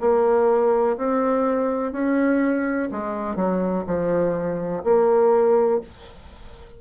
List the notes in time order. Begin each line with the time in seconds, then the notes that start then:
0.00 A#3
0.97 C4
1.92 C#4
2.91 G#3
3.35 F#3
3.86 F3
4.83 A#3